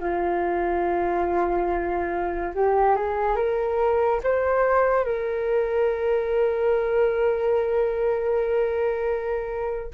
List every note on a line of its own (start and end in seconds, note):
0.00 2.54 F4
2.55 2.96 G4
2.96 3.36 G#4
3.36 4.20 A#4
4.24 5.05 C5
5.05 9.91 A#4